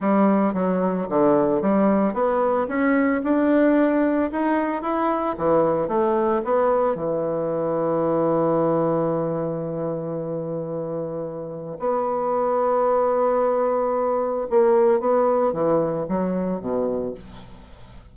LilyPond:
\new Staff \with { instrumentName = "bassoon" } { \time 4/4 \tempo 4 = 112 g4 fis4 d4 g4 | b4 cis'4 d'2 | dis'4 e'4 e4 a4 | b4 e2.~ |
e1~ | e2 b2~ | b2. ais4 | b4 e4 fis4 b,4 | }